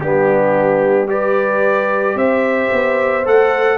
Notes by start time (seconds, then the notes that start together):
0.00 G3 B3 D4 G4
1.07 G4 B4 D5
2.14 C4 C5 E5
2.72 B3
3.25 A3 A4 F#5